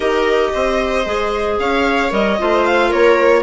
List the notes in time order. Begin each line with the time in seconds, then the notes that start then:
0.00 D#4 G4 A#4 D#5
0.53 C4 C5
1.05 G#3 G#4
1.58 C#4 C#5 F5
2.10 G3 A#4 D#5
2.38 A3 F4 C5
2.65 F5
2.88 A#3 A#4 C#5